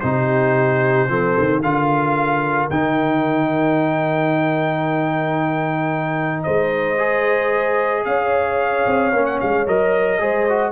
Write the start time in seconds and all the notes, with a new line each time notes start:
0.00 C3 D#4 G4 C5
1.08 F3 C4 A4
1.38 D#3
1.62 D3 F4 A#4 F5
2.70 D#3 D#4 G5
6.43 G#3 C5 D#5
6.98 G#4
8.05 C#4 C#5 F5
8.86 C4
9.13 A#3 C#4
9.26 F#5
9.40 G#3 F5
9.66 F#3 A#4 D#5
10.20 G#3 G#4 C5
10.49 F#4